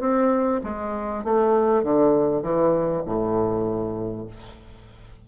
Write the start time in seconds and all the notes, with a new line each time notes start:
0.00 C4
0.64 G#3
1.24 A3
1.83 D3
2.42 E3
3.06 A2